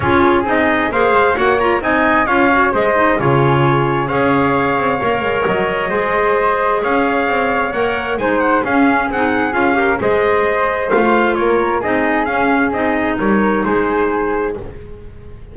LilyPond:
<<
  \new Staff \with { instrumentName = "trumpet" } { \time 4/4 \tempo 4 = 132 cis''4 dis''4 f''4 fis''8 ais''8 | gis''4 f''4 dis''4 cis''4~ | cis''4 f''2. | dis''2. f''4~ |
f''4 fis''4 gis''8 fis''8 f''4 | fis''4 f''4 dis''2 | f''4 cis''4 dis''4 f''4 | dis''4 cis''4 c''2 | }
  \new Staff \with { instrumentName = "flute" } { \time 4/4 gis'2 c''4 cis''4 | dis''4 cis''4 c''4 gis'4~ | gis'4 cis''2.~ | cis''4 c''2 cis''4~ |
cis''2 c''4 gis'4~ | gis'4. ais'8 c''2~ | c''4 ais'4 gis'2~ | gis'4 ais'4 gis'2 | }
  \new Staff \with { instrumentName = "clarinet" } { \time 4/4 f'4 dis'4 gis'4 fis'8 f'8 | dis'4 f'8 fis'8 gis'8 dis'8 f'4~ | f'4 gis'2 ais'4~ | ais'4 gis'2.~ |
gis'4 ais'4 dis'4 cis'4 | dis'4 f'8 g'8 gis'2 | f'2 dis'4 cis'4 | dis'1 | }
  \new Staff \with { instrumentName = "double bass" } { \time 4/4 cis'4 c'4 ais8 gis8 ais4 | c'4 cis'4 gis4 cis4~ | cis4 cis'4. c'8 ais8 gis8 | fis4 gis2 cis'4 |
c'4 ais4 gis4 cis'4 | c'4 cis'4 gis2 | a4 ais4 c'4 cis'4 | c'4 g4 gis2 | }
>>